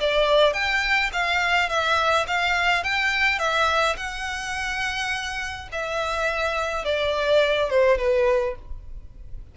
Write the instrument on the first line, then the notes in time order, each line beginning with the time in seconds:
violin
0.00 D5
0.53 G5
1.13 F5
1.69 E5
2.27 F5
2.83 G5
3.39 E5
3.97 F#5
5.72 E5
6.85 D5
7.70 C5
7.98 B4